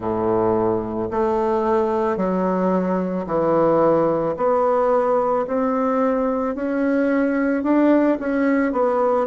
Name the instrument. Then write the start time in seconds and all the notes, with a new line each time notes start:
bassoon
0.00 A2
1.10 A3
2.17 F#3
3.26 E3
4.36 B3
5.47 C4
6.55 C#4
7.63 D4
8.19 C#4
8.72 B3